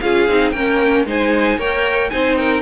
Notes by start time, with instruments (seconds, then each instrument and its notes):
0.00 cello C#4, viola F4, violin G#4 F5
0.28 cello C4, viola D#4
0.51 cello A#3, viola C#4, violin A#4 G5
1.05 cello G#3, viola D#4, violin C5 G#5
1.58 cello A#3, viola A#4, violin C#5 G5
2.10 cello C4, viola D#4, violin C5 G#5
2.36 violin A#4 G5